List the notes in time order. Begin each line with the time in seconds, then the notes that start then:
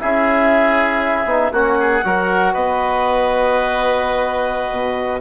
0.00 C#4 E4 G#4 E5
1.25 B3 D#4
1.52 A#3 C#4 F#4 F#5
1.80 G#4
2.04 F#3 F#4 A#4
2.53 B3 B4 D#5
4.71 B2